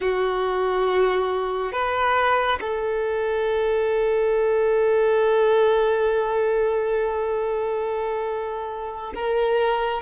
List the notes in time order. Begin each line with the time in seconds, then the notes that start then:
0.00 F#4
1.72 B4
2.60 A4
9.15 A#4